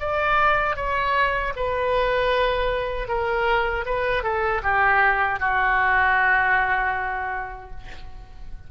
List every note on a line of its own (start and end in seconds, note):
0.00 0.77 D5
0.77 1.53 C#5
1.56 3.08 B4
3.08 3.85 A#4
3.86 4.24 B4
4.24 4.62 A4
4.63 5.40 G4
5.40 7.71 F#4